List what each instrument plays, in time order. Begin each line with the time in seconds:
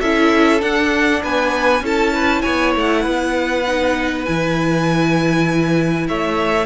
0.00 cello C#4, viola E4, violin A4 E5
0.60 viola D4, cello D4, violin F#5
1.22 cello B3, violin B4 G#5
1.81 cello C#4, viola E4, violin A4 A5
2.14 violin B4
2.42 cello B3, violin C#5 G#5
2.75 cello A3, violin F#5
3.01 cello B3, violin B4
3.67 viola D#4
4.25 cello E3, viola E4, violin G#5
6.08 cello A3, violin C#5 E5